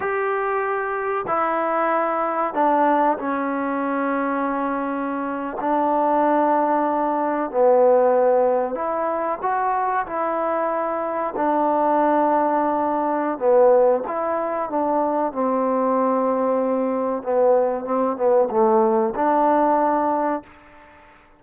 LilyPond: \new Staff \with { instrumentName = "trombone" } { \time 4/4 \tempo 4 = 94 g'2 e'2 | d'4 cis'2.~ | cis'8. d'2. b16~ | b4.~ b16 e'4 fis'4 e'16~ |
e'4.~ e'16 d'2~ d'16~ | d'4 b4 e'4 d'4 | c'2. b4 | c'8 b8 a4 d'2 | }